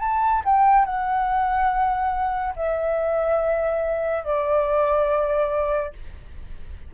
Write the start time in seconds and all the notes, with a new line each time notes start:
0.00 A5
0.45 G5
0.86 F#5
2.56 E5
4.24 D5